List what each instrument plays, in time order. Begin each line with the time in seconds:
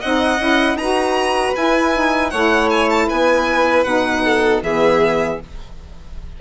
0.00 bassoon C4, saxophone D#4, violin D#5 F#5
0.38 bassoon C#4, saxophone E4
0.75 bassoon D#4, saxophone F#4, violin B4 A#5
1.55 saxophone E4, bassoon E4, violin G#5
1.94 saxophone D#4
2.30 bassoon A3, saxophone E4, violin C#5 F#5
2.70 violin G#5
2.90 violin A5
3.06 bassoon B3, violin B4 G#5
3.84 bassoon B2, saxophone D#4, violin F#5
4.25 violin A4
4.62 bassoon E3, saxophone B3, violin G#4 E5